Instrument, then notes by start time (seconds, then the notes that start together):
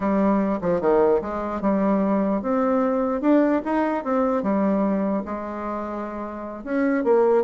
bassoon
0.00 G3
0.61 F3
0.80 D#3
1.21 G#3
1.61 G3
2.42 C4
3.21 D4
3.64 D#4
4.04 C4
4.42 G3
5.25 G#3
6.64 C#4
7.04 A#3